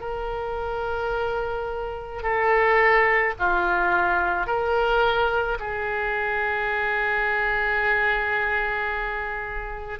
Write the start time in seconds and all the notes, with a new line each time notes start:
0.00 A#4
2.22 A4
3.38 F4
4.46 A#4
5.59 G#4